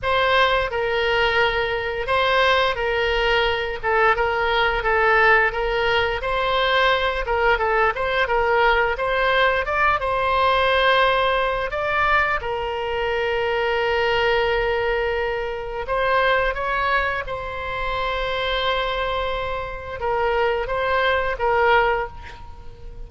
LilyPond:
\new Staff \with { instrumentName = "oboe" } { \time 4/4 \tempo 4 = 87 c''4 ais'2 c''4 | ais'4. a'8 ais'4 a'4 | ais'4 c''4. ais'8 a'8 c''8 | ais'4 c''4 d''8 c''4.~ |
c''4 d''4 ais'2~ | ais'2. c''4 | cis''4 c''2.~ | c''4 ais'4 c''4 ais'4 | }